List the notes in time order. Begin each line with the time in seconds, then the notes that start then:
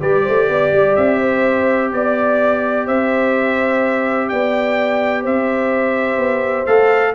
0.00 G3 G4 B4 D5
0.23 A3 C5
0.49 B3 D5
0.72 G3
0.96 C4 E5
1.20 C5
1.92 B3 D5
2.86 C4 C5 E5
4.29 B3 D5 G5
5.22 C4 C5 E5
6.18 B3
6.66 A3 A4 F5